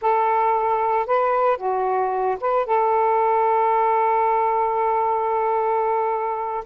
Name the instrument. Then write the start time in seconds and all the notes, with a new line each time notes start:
saxophone
0.01 A4
1.06 B4
1.57 F#4
2.40 B4
2.65 A4